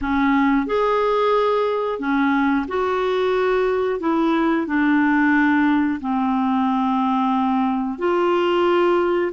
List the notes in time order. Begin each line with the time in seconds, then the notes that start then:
0.01 C#4
0.66 G#4
1.99 C#4
2.68 F#4
4.00 E4
4.66 D4
6.00 C4
7.98 F4